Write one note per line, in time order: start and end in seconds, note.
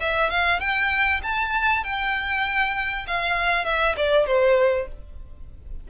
0.00 0.30 E5
0.30 0.60 F5
0.60 1.21 G5
1.23 1.84 A5
1.84 3.06 G5
3.07 3.65 F5
3.65 3.95 E5
3.97 4.26 D5
4.26 4.88 C5